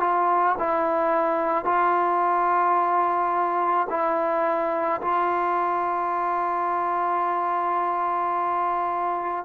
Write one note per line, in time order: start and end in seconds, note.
0.00 0.56 F4
0.59 1.65 E4
1.65 3.87 F4
3.89 5.01 E4
5.01 9.45 F4